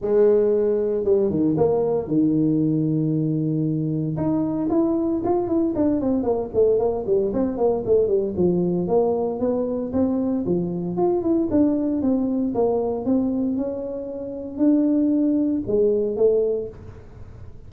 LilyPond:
\new Staff \with { instrumentName = "tuba" } { \time 4/4 \tempo 4 = 115 gis2 g8 dis8 ais4 | dis1 | dis'4 e'4 f'8 e'8 d'8 c'8 | ais8 a8 ais8 g8 c'8 ais8 a8 g8 |
f4 ais4 b4 c'4 | f4 f'8 e'8 d'4 c'4 | ais4 c'4 cis'2 | d'2 gis4 a4 | }